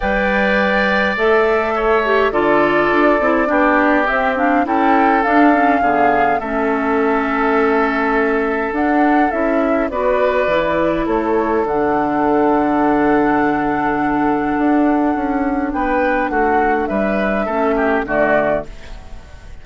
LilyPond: <<
  \new Staff \with { instrumentName = "flute" } { \time 4/4 \tempo 4 = 103 g''2 e''2 | d''2. e''8 f''8 | g''4 f''2 e''4~ | e''2. fis''4 |
e''4 d''2 cis''4 | fis''1~ | fis''2. g''4 | fis''4 e''2 d''4 | }
  \new Staff \with { instrumentName = "oboe" } { \time 4/4 d''2. cis''4 | a'2 g'2 | a'2 gis'4 a'4~ | a'1~ |
a'4 b'2 a'4~ | a'1~ | a'2. b'4 | fis'4 b'4 a'8 g'8 fis'4 | }
  \new Staff \with { instrumentName = "clarinet" } { \time 4/4 b'2 a'4. g'8 | f'4. e'8 d'4 c'8 d'8 | e'4 d'8 cis'8 b4 cis'4~ | cis'2. d'4 |
e'4 fis'4 e'2 | d'1~ | d'1~ | d'2 cis'4 a4 | }
  \new Staff \with { instrumentName = "bassoon" } { \time 4/4 g2 a2 | d4 d'8 c'8 b4 c'4 | cis'4 d'4 d4 a4~ | a2. d'4 |
cis'4 b4 e4 a4 | d1~ | d4 d'4 cis'4 b4 | a4 g4 a4 d4 | }
>>